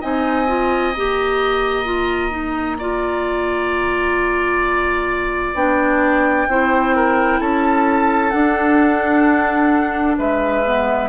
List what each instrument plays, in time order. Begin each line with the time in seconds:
0.00 bassoon C4, clarinet D#4, oboe D#5, flute G#5
0.47 clarinet F4
0.94 bassoon A#3, clarinet G4, flute A#5
1.84 clarinet F4
2.30 clarinet D#4
2.78 clarinet F4, oboe D5
5.54 bassoon B3, clarinet D4, flute G5
6.48 bassoon C4, clarinet E4, oboe C5
6.95 oboe A#4
7.40 bassoon C#4, oboe A4, flute A5
8.30 clarinet D4, bassoon D4, flute F#5
10.18 bassoon G#3, oboe B4, flute E5
10.64 clarinet B3